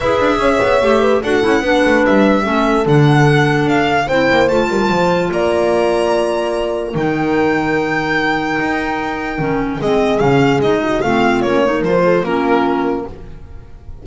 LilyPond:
<<
  \new Staff \with { instrumentName = "violin" } { \time 4/4 \tempo 4 = 147 e''2. fis''4~ | fis''4 e''2 fis''4~ | fis''4 f''4 g''4 a''4~ | a''4 ais''2.~ |
ais''4 g''2.~ | g''1 | dis''4 f''4 dis''4 f''4 | cis''4 c''4 ais'2 | }
  \new Staff \with { instrumentName = "horn" } { \time 4/4 b'4 cis''4. b'8 a'4 | b'2 a'2~ | a'2 c''4. ais'8 | c''4 d''2.~ |
d''4 ais'2.~ | ais'1 | gis'2~ gis'8 fis'8 f'4~ | f'8 ais'4 a'8 f'2 | }
  \new Staff \with { instrumentName = "clarinet" } { \time 4/4 gis'2 g'4 fis'8 e'8 | d'2 cis'4 d'4~ | d'2 e'4 f'4~ | f'1~ |
f'4 dis'2.~ | dis'2. cis'4 | c'4 cis'4 dis'4 c'4 | cis'8 dis'8 f'4 cis'2 | }
  \new Staff \with { instrumentName = "double bass" } { \time 4/4 e'8 d'8 cis'8 b8 a4 d'8 cis'8 | b8 a8 g4 a4 d4~ | d4 d'4 c'8 ais8 a8 g8 | f4 ais2.~ |
ais4 dis2.~ | dis4 dis'2 dis4 | gis4 cis4 gis4 a4 | ais4 f4 ais2 | }
>>